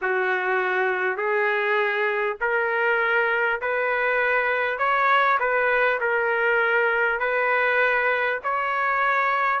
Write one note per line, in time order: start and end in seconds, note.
0.01 1.16 F#4
1.16 2.36 G#4
2.40 3.60 A#4
3.61 4.78 B4
4.78 5.38 C#5
5.39 5.99 B4
6.00 7.19 A#4
7.19 8.39 B4
8.43 9.60 C#5